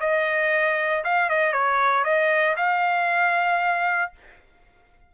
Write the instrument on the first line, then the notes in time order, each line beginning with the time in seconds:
trumpet
0.00 D#5
1.04 F5
1.29 D#5
1.52 C#5
2.04 D#5
2.56 F5